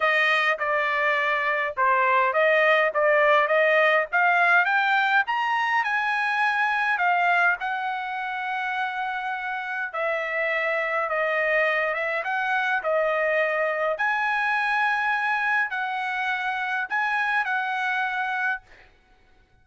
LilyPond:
\new Staff \with { instrumentName = "trumpet" } { \time 4/4 \tempo 4 = 103 dis''4 d''2 c''4 | dis''4 d''4 dis''4 f''4 | g''4 ais''4 gis''2 | f''4 fis''2.~ |
fis''4 e''2 dis''4~ | dis''8 e''8 fis''4 dis''2 | gis''2. fis''4~ | fis''4 gis''4 fis''2 | }